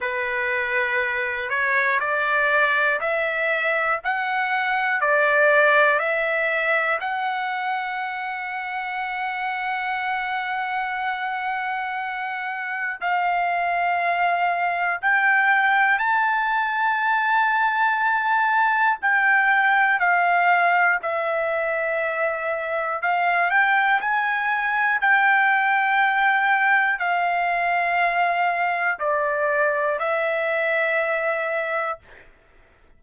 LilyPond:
\new Staff \with { instrumentName = "trumpet" } { \time 4/4 \tempo 4 = 60 b'4. cis''8 d''4 e''4 | fis''4 d''4 e''4 fis''4~ | fis''1~ | fis''4 f''2 g''4 |
a''2. g''4 | f''4 e''2 f''8 g''8 | gis''4 g''2 f''4~ | f''4 d''4 e''2 | }